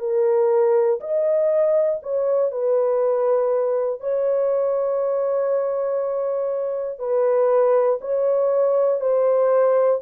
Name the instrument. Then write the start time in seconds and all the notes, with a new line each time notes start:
horn
0.00 A#4
1.00 D#5
2.03 C#5
2.51 B4
4.00 C#5
6.99 B4
8.01 C#5
9.01 C5